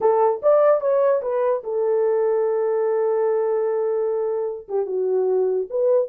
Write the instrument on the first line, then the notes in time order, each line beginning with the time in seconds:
horn
0.00 A4
0.42 D5
0.80 C#5
1.22 B4
1.63 A4
4.68 G4
4.86 F#4
5.70 B4